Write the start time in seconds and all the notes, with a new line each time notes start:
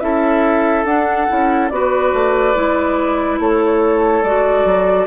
0.00 C#4 E4 A4 E5
0.85 D4 F#5
1.28 C#4 E4
1.69 B3 F#4 B4 D5
2.14 A3
2.55 G#3 E4
3.39 A3 A4 C#5
4.23 G#3 F#4 D5
4.65 F#3